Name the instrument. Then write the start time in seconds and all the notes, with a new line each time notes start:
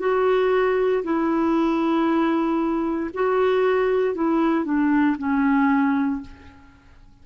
clarinet
0.00 F#4
1.04 E4
3.15 F#4
4.15 E4
4.65 D4
5.18 C#4